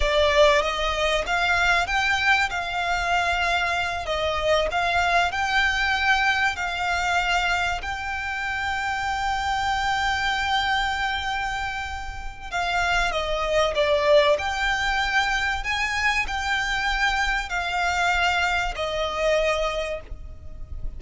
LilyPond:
\new Staff \with { instrumentName = "violin" } { \time 4/4 \tempo 4 = 96 d''4 dis''4 f''4 g''4 | f''2~ f''8 dis''4 f''8~ | f''8 g''2 f''4.~ | f''8 g''2.~ g''8~ |
g''1 | f''4 dis''4 d''4 g''4~ | g''4 gis''4 g''2 | f''2 dis''2 | }